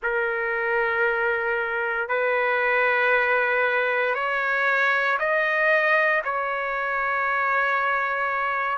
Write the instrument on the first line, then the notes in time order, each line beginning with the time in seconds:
trumpet
0.02 A#4
2.08 B4
4.14 C#5
5.19 D#5
6.24 C#5